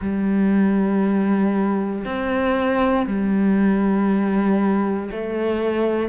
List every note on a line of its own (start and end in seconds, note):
0.00 2.04 G3
2.04 3.06 C4
3.06 5.10 G3
5.11 6.09 A3